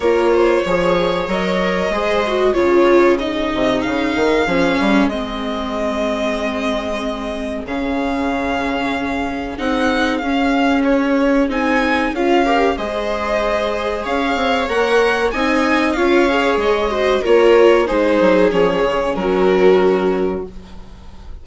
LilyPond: <<
  \new Staff \with { instrumentName = "violin" } { \time 4/4 \tempo 4 = 94 cis''2 dis''2 | cis''4 dis''4 f''2 | dis''1 | f''2. fis''4 |
f''4 cis''4 gis''4 f''4 | dis''2 f''4 fis''4 | gis''4 f''4 dis''4 cis''4 | c''4 cis''4 ais'2 | }
  \new Staff \with { instrumentName = "viola" } { \time 4/4 ais'8 c''8 cis''2 c''4 | gis'1~ | gis'1~ | gis'1~ |
gis'2.~ gis'8 ais'8 | c''2 cis''2 | dis''4 cis''4. c''8 ais'4 | gis'2 fis'2 | }
  \new Staff \with { instrumentName = "viola" } { \time 4/4 f'4 gis'4 ais'4 gis'8 fis'8 | f'4 dis'2 cis'4 | c'1 | cis'2. dis'4 |
cis'2 dis'4 f'8 g'8 | gis'2. ais'4 | dis'4 f'8 gis'4 fis'8 f'4 | dis'4 cis'2. | }
  \new Staff \with { instrumentName = "bassoon" } { \time 4/4 ais4 f4 fis4 gis4 | cis4. c8 cis8 dis8 f8 g8 | gis1 | cis2. c'4 |
cis'2 c'4 cis'4 | gis2 cis'8 c'8 ais4 | c'4 cis'4 gis4 ais4 | gis8 fis8 f8 cis8 fis2 | }
>>